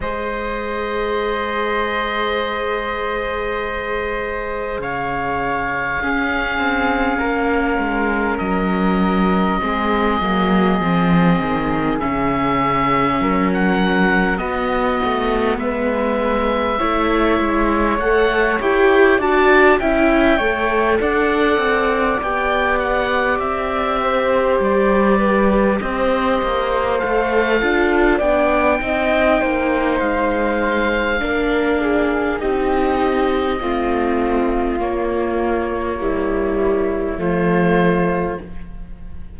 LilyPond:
<<
  \new Staff \with { instrumentName = "oboe" } { \time 4/4 \tempo 4 = 50 dis''1 | f''2. dis''4~ | dis''2 e''4~ e''16 fis''8. | dis''4 e''2 fis''8 g''8 |
a''8 g''4 fis''4 g''8 fis''8 e''8~ | e''8 d''4 dis''4 f''4 g''8~ | g''4 f''2 dis''4~ | dis''4 cis''2 c''4 | }
  \new Staff \with { instrumentName = "flute" } { \time 4/4 c''1 | cis''4 gis'4 ais'2 | gis'2. ais'4 | fis'4 b'4 cis''2 |
d''8 e''8 cis''8 d''2~ d''8 | c''4 b'8 c''4. a'8 d''8 | dis''8 c''4. ais'8 gis'8 g'4 | f'2 e'4 f'4 | }
  \new Staff \with { instrumentName = "viola" } { \time 4/4 gis'1~ | gis'4 cis'2. | c'8 ais8 c'4 cis'2 | b2 e'4 a'8 g'8 |
fis'8 e'8 a'4. g'4.~ | g'2~ g'8 a'8 f'8 d'8 | dis'2 d'4 dis'4 | c'4 ais4 g4 a4 | }
  \new Staff \with { instrumentName = "cello" } { \time 4/4 gis1 | cis4 cis'8 c'8 ais8 gis8 fis4 | gis8 fis8 f8 dis8 cis4 fis4 | b8 a8 gis4 a8 gis8 a8 e'8 |
d'8 cis'8 a8 d'8 c'8 b4 c'8~ | c'8 g4 c'8 ais8 a8 d'8 b8 | c'8 ais8 gis4 ais4 c'4 | a4 ais2 f4 | }
>>